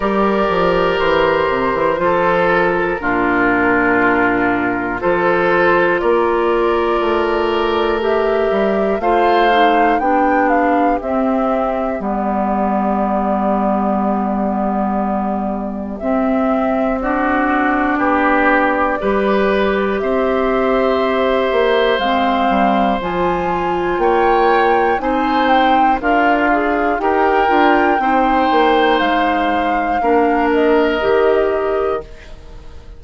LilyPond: <<
  \new Staff \with { instrumentName = "flute" } { \time 4/4 \tempo 4 = 60 d''4 c''4. ais'4.~ | ais'4 c''4 d''2 | e''4 f''4 g''8 f''8 e''4 | d''1 |
e''4 d''2. | e''2 f''4 gis''4 | g''4 gis''8 g''8 f''4 g''4~ | g''4 f''4. dis''4. | }
  \new Staff \with { instrumentName = "oboe" } { \time 4/4 ais'2 a'4 f'4~ | f'4 a'4 ais'2~ | ais'4 c''4 g'2~ | g'1~ |
g'4 fis'4 g'4 b'4 | c''1 | cis''4 c''4 f'4 ais'4 | c''2 ais'2 | }
  \new Staff \with { instrumentName = "clarinet" } { \time 4/4 g'2 f'4 d'4~ | d'4 f'2. | g'4 f'8 dis'8 d'4 c'4 | b1 |
c'4 d'2 g'4~ | g'2 c'4 f'4~ | f'4 dis'4 ais'8 gis'8 g'8 f'8 | dis'2 d'4 g'4 | }
  \new Staff \with { instrumentName = "bassoon" } { \time 4/4 g8 f8 e8 c16 e16 f4 ais,4~ | ais,4 f4 ais4 a4~ | a8 g8 a4 b4 c'4 | g1 |
c'2 b4 g4 | c'4. ais8 gis8 g8 f4 | ais4 c'4 d'4 dis'8 d'8 | c'8 ais8 gis4 ais4 dis4 | }
>>